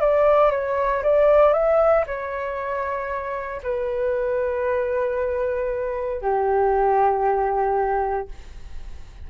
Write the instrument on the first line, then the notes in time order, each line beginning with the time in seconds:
flute
0.00 D5
0.51 C#5
1.03 D5
1.53 E5
2.06 C#5
3.63 B4
6.21 G4